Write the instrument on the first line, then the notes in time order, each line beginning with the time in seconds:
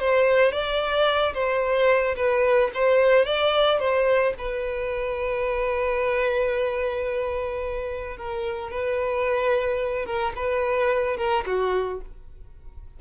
violin
0.00 C5
0.52 D5
1.34 C5
2.16 B4
2.74 C5
3.26 D5
3.80 C5
4.38 B4
8.17 A#4
8.71 B4
10.06 A#4
10.36 B4
11.17 A#4
11.46 F#4